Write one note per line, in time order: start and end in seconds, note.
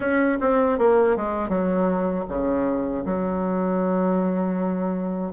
0.00 0.38 C#4
0.40 0.78 C4
0.78 1.16 A#3
1.16 1.48 G#3
1.48 2.24 F#3
2.28 3.04 C#3
3.05 5.32 F#3